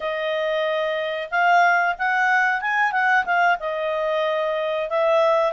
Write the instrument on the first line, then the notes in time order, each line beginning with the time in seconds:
clarinet
0.00 D#5
1.30 F5
1.98 F#5
2.61 G#5
2.92 F#5
3.25 F5
3.59 D#5
4.89 E5